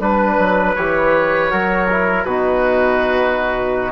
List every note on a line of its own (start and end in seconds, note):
0.00 0.38 G3
0.00 0.76 D4
0.00 0.76 B4
0.00 1.52 B4
0.39 0.76 F#3
0.76 1.52 E3
0.76 1.51 G4
0.76 2.24 C#5
1.51 2.25 F#3
1.51 1.88 F#4
1.51 2.27 A#4
1.90 2.28 E4
2.24 3.93 B2
2.24 3.93 D#4
2.24 3.93 F#4
2.24 3.93 B4